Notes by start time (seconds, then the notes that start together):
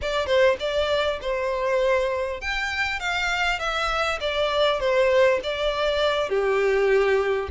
0.01 D5
0.26 C5
0.59 D5
1.21 C5
2.40 G5
2.99 F5
3.59 E5
4.20 D5
4.80 C5
5.43 D5
6.29 G4